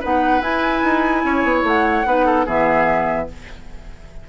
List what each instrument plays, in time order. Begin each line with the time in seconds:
0.00 bassoon B3, clarinet D#4, oboe B4, flute F#5
0.41 bassoon E4, clarinet E4, flute G#5
0.84 bassoon D#4
1.24 bassoon C#4, oboe C#5
1.44 bassoon B3
1.63 bassoon A3, flute F#5
2.06 bassoon B3, clarinet D#4, oboe B4
2.26 oboe A4
2.46 bassoon E3, clarinet B3, oboe G#4, flute E5